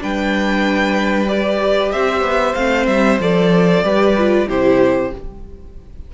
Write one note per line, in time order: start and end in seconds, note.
0.00 1.94 G3
0.00 1.28 D4
0.00 1.93 B4
0.00 1.29 G5
1.28 2.55 G4
1.28 1.92 D5
1.92 2.22 C4
1.92 3.84 C5
1.92 2.55 E5
2.22 2.54 B3
2.55 2.87 A3
2.55 3.20 C4
2.55 2.87 F5
2.87 3.19 G3
2.87 3.19 E5
3.20 3.83 F3
3.20 3.84 A4
3.20 4.50 D5
3.83 4.47 G3
3.83 4.16 G4
3.83 4.48 B4
4.18 4.49 F4
4.48 5.13 C3
4.48 5.12 E4
4.48 5.12 G4
4.48 5.14 C5